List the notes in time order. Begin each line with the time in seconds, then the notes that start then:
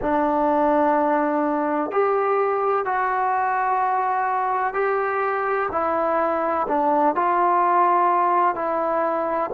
0.01 D4
1.90 G4
2.85 F#4
4.73 G4
5.71 E4
6.68 D4
7.15 F4
8.55 E4